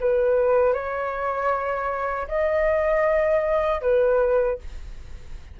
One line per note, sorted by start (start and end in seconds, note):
0.00 0.73 B4
0.73 2.27 C#5
2.28 3.81 D#5
3.81 4.58 B4